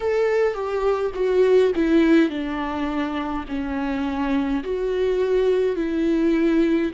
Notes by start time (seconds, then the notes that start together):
0.00 A4
0.53 G4
1.14 F#4
1.75 E4
2.29 D4
3.48 C#4
4.63 F#4
5.76 E4